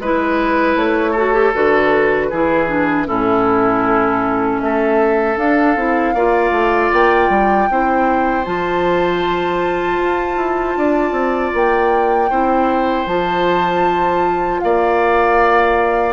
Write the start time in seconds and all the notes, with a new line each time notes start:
0.00 G#3 E4 B4
0.76 A3 C#5
1.11 F#4 A4
1.33 G4
1.54 D3 F#4 B4
2.30 E3 E4 G#4
2.68 D4
3.06 A2 C#4 E4 A4
4.60 A3 A4 E5
5.37 D4 F5
5.76 C4 E4
6.14 A#3 F4 D5
6.51 A3
6.92 A#3 G5
7.29 G3
7.70 C4 E4 C5
8.45 F3 F4 A5
9.98 F4
10.36 E4
10.77 D4 D5
11.12 C4
11.54 A#3 G5
12.30 C4 E4 C5
13.06 F3 F4 A5
14.60 A#3 D5 F5